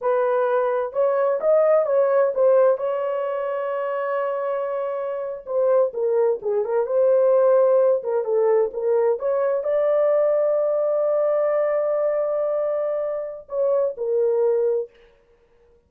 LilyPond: \new Staff \with { instrumentName = "horn" } { \time 4/4 \tempo 4 = 129 b'2 cis''4 dis''4 | cis''4 c''4 cis''2~ | cis''2.~ cis''8. c''16~ | c''8. ais'4 gis'8 ais'8 c''4~ c''16~ |
c''4~ c''16 ais'8 a'4 ais'4 cis''16~ | cis''8. d''2.~ d''16~ | d''1~ | d''4 cis''4 ais'2 | }